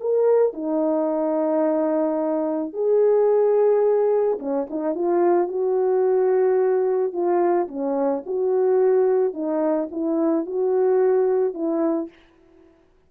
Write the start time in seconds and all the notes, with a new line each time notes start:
0.00 A#4
0.53 D#4
2.73 G#4
4.39 C#4
4.70 D#4
4.94 F4
5.47 F#4
7.12 F4
7.68 C#4
8.26 F#4
9.33 D#4
9.91 E4
10.46 F#4
11.54 E4